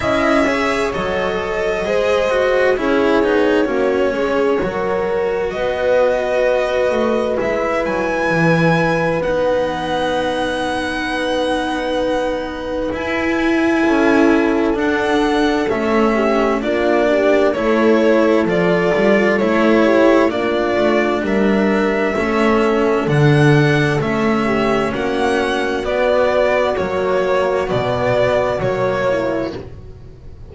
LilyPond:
<<
  \new Staff \with { instrumentName = "violin" } { \time 4/4 \tempo 4 = 65 e''4 dis''2 cis''4~ | cis''2 dis''2 | e''8 gis''4. fis''2~ | fis''2 gis''2 |
fis''4 e''4 d''4 cis''4 | d''4 cis''4 d''4 e''4~ | e''4 fis''4 e''4 fis''4 | d''4 cis''4 d''4 cis''4 | }
  \new Staff \with { instrumentName = "horn" } { \time 4/4 dis''8 cis''4. c''4 gis'4 | fis'8 gis'8 ais'4 b'2~ | b'1~ | b'2. a'4~ |
a'4. g'8 f'8 g'8 a'4~ | a'4. g'8 f'4 ais'4 | a'2~ a'8 g'8 fis'4~ | fis'2.~ fis'8 e'8 | }
  \new Staff \with { instrumentName = "cello" } { \time 4/4 e'8 gis'8 a'4 gis'8 fis'8 e'8 dis'8 | cis'4 fis'2. | e'2 dis'2~ | dis'2 e'2 |
d'4 cis'4 d'4 e'4 | f'4 e'4 d'2 | cis'4 d'4 cis'2 | b4 ais4 b4 ais4 | }
  \new Staff \with { instrumentName = "double bass" } { \time 4/4 cis'4 fis4 gis4 cis'8 b8 | ais8 gis8 fis4 b4. a8 | gis8 fis8 e4 b2~ | b2 e'4 cis'4 |
d'4 a4 ais4 a4 | f8 g8 a4 ais8 a8 g4 | a4 d4 a4 ais4 | b4 fis4 b,4 fis4 | }
>>